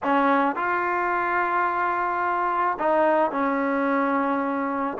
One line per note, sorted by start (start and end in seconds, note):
0.03 0.55 C#4
0.55 2.78 F4
2.79 3.31 D#4
3.31 4.97 C#4